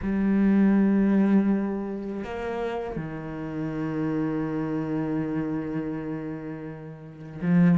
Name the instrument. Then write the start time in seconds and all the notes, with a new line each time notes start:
cello
0.02 G3
2.24 A#3
2.96 D#3
7.41 F3